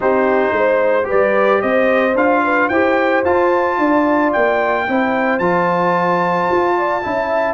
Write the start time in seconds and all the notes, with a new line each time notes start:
0.00 C4 D#4 G4 C5
0.51 G#3 C5
1.03 G4 B4
1.10 G3 D5
1.61 C4 C5 D#5
2.14 D4 F4 F5
2.43 B4
2.68 E4 G4 C5 G5
3.24 F4 A5
3.77 D4 D5
4.32 A#3 G5
4.88 C4 E4 C5
5.39 F3 F4 A5
6.50 F4
6.77 D5
7.02 C#4 E4 E5